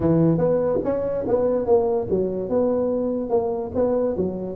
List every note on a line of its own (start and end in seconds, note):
0.00 0.37 E3
0.37 0.79 B3
0.84 1.25 C#4
1.27 1.66 B3
1.66 2.07 A#3
2.10 2.49 F#3
2.49 3.29 B3
3.29 3.71 A#3
3.74 4.16 B3
4.16 4.55 F#3